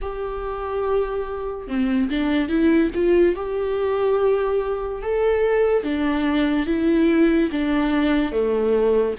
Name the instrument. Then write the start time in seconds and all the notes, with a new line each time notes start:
viola
0.01 G4
1.67 C4
2.09 D4
2.48 E4
2.94 F4
3.35 G4
5.02 A4
5.83 D4
6.66 E4
7.51 D4
8.31 A3